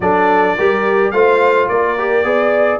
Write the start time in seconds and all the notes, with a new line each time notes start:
0.00 F#3 D4 A4 D5
0.56 G3 G4 A#4
1.11 A3 F4 C5 F5
1.68 A#3 A#4 D5
1.97 G4
2.23 B3 G#4 D5